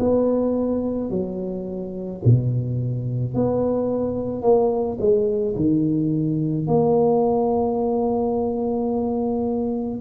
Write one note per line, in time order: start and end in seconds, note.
0.00 1.10 B3
1.10 2.21 F#3
2.25 3.34 B2
3.34 4.42 B3
4.42 4.97 A#3
5.00 5.56 G#3
5.56 6.67 D#3
6.67 10.01 A#3